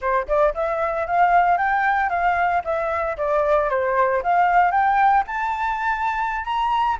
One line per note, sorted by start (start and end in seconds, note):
0.01 0.27 C5
0.27 0.54 D5
0.54 1.06 E5
1.06 1.57 F5
1.57 2.09 G5
2.09 2.62 F5
2.64 3.17 E5
3.17 3.69 D5
3.69 4.22 C5
4.22 4.71 F5
4.71 5.23 G5
5.26 6.44 A5
6.44 6.97 A#5